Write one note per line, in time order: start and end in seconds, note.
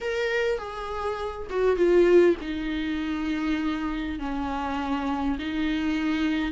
0.00 0.58 A#4
0.58 1.47 G#4
1.50 1.76 F#4
1.76 2.35 F4
2.41 4.19 D#4
4.19 5.38 C#4
5.38 6.52 D#4